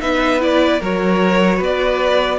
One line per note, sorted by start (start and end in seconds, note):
0.00 0.81 B3
0.00 0.40 D#4
0.00 0.81 B4
0.00 0.41 E5
0.40 0.80 E4
0.40 0.83 D5
0.81 1.60 F#3
0.81 2.40 F#4
0.81 1.57 A#4
0.81 1.64 C#5
1.57 2.40 B3
1.57 2.37 B4
1.64 2.40 D5